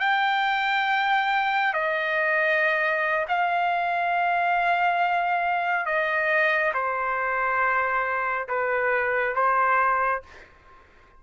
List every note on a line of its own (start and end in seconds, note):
0.00 1.74 G5
1.74 3.26 D#5
3.28 5.86 F5
5.86 6.73 D#5
6.74 8.48 C5
8.48 9.35 B4
9.36 10.23 C5